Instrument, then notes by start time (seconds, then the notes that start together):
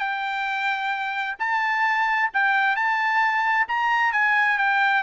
trumpet
0.00 G5
1.40 A5
2.34 G5
2.76 A5
3.68 A#5
4.13 G#5
4.58 G5